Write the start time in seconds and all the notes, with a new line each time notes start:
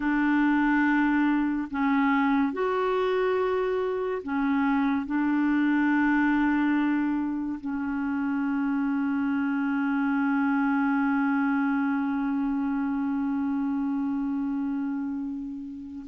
0.00 D4
1.71 C#4
2.52 F#4
4.23 C#4
5.06 D4
7.60 C#4